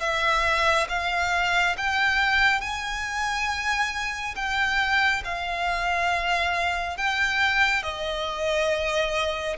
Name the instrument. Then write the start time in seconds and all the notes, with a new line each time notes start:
violin
0.00 E5
0.89 F5
1.77 G5
2.60 G#5
4.36 G5
5.24 F5
6.97 G5
7.83 D#5